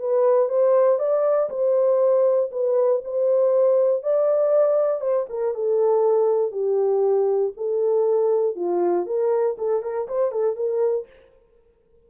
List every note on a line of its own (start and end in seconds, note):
0.00 0.49 B4
0.49 0.99 C5
0.99 1.50 D5
1.50 2.51 C5
2.52 3.02 B4
3.05 4.03 C5
4.03 5.01 D5
5.01 5.26 C5
5.30 5.55 A#4
5.55 6.52 A4
6.52 7.53 G4
7.57 8.56 A4
8.56 9.06 F4
9.06 9.57 A#4
9.58 9.83 A4
9.83 10.08 A#4
10.09 10.32 C5
10.32 10.57 A4
10.57 11.07 A#4